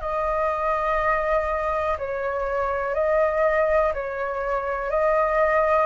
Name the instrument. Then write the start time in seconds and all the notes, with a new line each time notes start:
flute
0.00 D#5
1.98 C#5
2.94 D#5
3.93 C#5
4.90 D#5